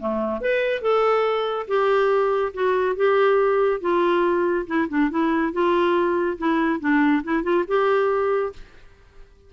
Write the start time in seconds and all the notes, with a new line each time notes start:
0.00 A3
0.41 B4
0.82 A4
1.68 G4
2.54 F#4
2.96 G4
3.81 F4
4.67 E4
4.89 D4
5.11 E4
5.53 F4
6.38 E4
6.80 D4
7.24 E4
7.43 F4
7.68 G4